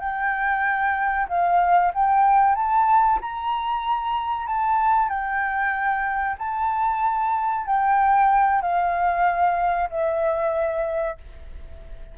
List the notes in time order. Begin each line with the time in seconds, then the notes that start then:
0.00 G5
1.29 F5
1.94 G5
2.56 A5
3.21 A#5
4.47 A5
5.09 G5
6.39 A5
7.66 G5
8.62 F5
9.90 E5